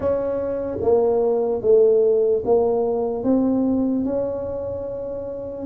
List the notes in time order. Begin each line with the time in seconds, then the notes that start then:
0.00 C#4
0.80 A#3
1.61 A3
2.45 A#3
3.23 C4
4.04 C#4